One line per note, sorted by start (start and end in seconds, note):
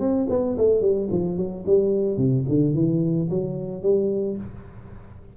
0.00 0.27 C4
0.30 0.57 B3
0.58 0.81 A3
0.81 1.08 G3
1.11 1.37 F3
1.37 1.64 F#3
1.67 2.17 G3
2.17 2.45 C3
2.48 2.74 D3
2.74 3.29 E3
3.30 3.83 F#3
3.83 4.37 G3